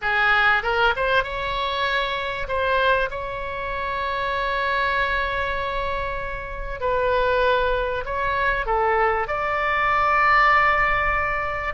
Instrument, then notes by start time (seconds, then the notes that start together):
oboe
0.01 G#4
0.62 A#4
0.96 C5
1.23 C#5
2.47 C5
3.10 C#5
6.80 B4
8.05 C#5
8.65 A4
9.27 D5